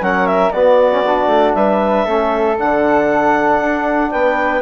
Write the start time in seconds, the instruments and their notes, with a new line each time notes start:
0.00 bassoon F#3, trombone C#4, flute A#4, clarinet F#5
0.26 clarinet E5
0.50 bassoon B3, trombone B3, flute F#4, clarinet D5
0.91 trombone C#4
1.06 trombone D4
1.26 bassoon A3
1.54 bassoon G3, flute B4, clarinet E5
2.05 bassoon A3, trombone C#4, flute A4
2.57 bassoon D3, trombone D4, clarinet F#5
3.60 bassoon D4
4.11 bassoon B3, flute B4, clarinet G5